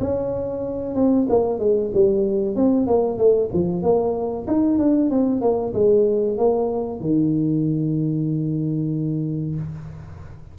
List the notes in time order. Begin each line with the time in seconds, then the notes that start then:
0.00 C#4
0.95 C4
1.29 A#3
1.60 G#3
1.94 G3
2.56 C4
2.87 A#3
3.18 A3
3.53 F3
3.83 A#3
4.47 D#4
4.78 D4
5.10 C4
5.41 A#3
5.74 G#3
6.38 A#3
7.00 D#3